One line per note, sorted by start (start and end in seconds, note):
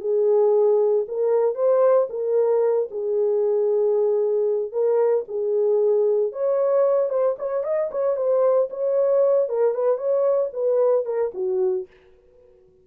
0.00 1.05 G#4
1.08 1.54 A#4
1.54 2.07 C5
2.09 2.88 A#4
2.90 4.72 G#4
4.72 5.24 A#4
5.28 6.32 G#4
6.32 7.09 C#5
7.09 7.35 C5
7.38 7.63 C#5
7.63 7.89 D#5
7.91 8.16 C#5
8.16 8.68 C5
8.69 9.48 C#5
9.48 9.74 A#4
9.74 9.97 B4
9.97 10.50 C#5
10.53 11.05 B4
11.05 11.31 A#4
11.34 11.86 F#4